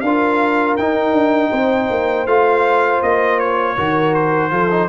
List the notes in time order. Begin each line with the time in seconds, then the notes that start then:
0.00 D4 F4 A#4 F5
0.76 D#4 G5
1.12 D4
1.50 C4 C5
1.90 A#3
2.26 A3 F4 F5
3.02 A#3 D#5
3.39 C#5
3.76 D#3 F#4 A#4
4.14 C5
4.50 F3 F4 A4
4.70 D#4